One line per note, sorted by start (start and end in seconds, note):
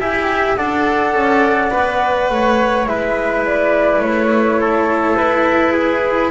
0.00 0.58 E4
0.00 0.58 G4
0.00 0.58 E5
0.00 0.56 G#5
0.56 1.15 D4
0.56 1.72 A4
0.56 2.31 D5
0.56 2.87 F#5
1.15 1.72 C#4
1.72 2.30 B3
1.72 2.87 B4
2.30 2.87 A3
2.30 2.90 C#5
2.87 4.00 G#3
2.87 6.31 E4
2.87 4.61 B4
2.87 3.44 E5
3.46 4.03 D5
4.00 5.15 A3
4.00 5.17 C#5
4.61 5.73 A4
5.17 6.31 E4
5.17 6.31 B4
5.73 6.30 G#4